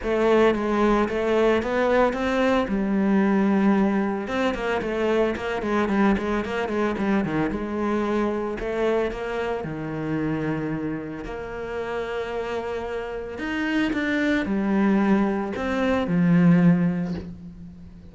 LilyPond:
\new Staff \with { instrumentName = "cello" } { \time 4/4 \tempo 4 = 112 a4 gis4 a4 b4 | c'4 g2. | c'8 ais8 a4 ais8 gis8 g8 gis8 | ais8 gis8 g8 dis8 gis2 |
a4 ais4 dis2~ | dis4 ais2.~ | ais4 dis'4 d'4 g4~ | g4 c'4 f2 | }